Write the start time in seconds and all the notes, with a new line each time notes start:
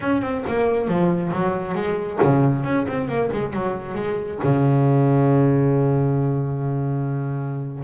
0.01 C#4
0.21 C4
0.47 A#3
0.87 F3
1.33 F#3
1.74 G#3
2.22 C#3
2.64 C#4
2.87 C4
3.08 A#3
3.32 G#3
3.53 F#3
3.95 G#3
4.43 C#3